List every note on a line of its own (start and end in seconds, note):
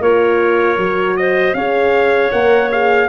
0.00 0.77 A#3
0.00 0.79 F4
0.00 1.16 A#4
0.00 1.17 C#5
0.78 1.54 F#3
0.78 1.56 F#4
1.17 1.56 C5
1.17 1.54 D#5
1.54 2.31 C#4
1.54 2.32 G#4
1.54 3.09 C#5
1.54 2.31 F5
2.31 3.09 A#3
2.31 2.70 A#4
2.31 2.70 F#5
2.71 3.09 G#4
2.71 3.09 F5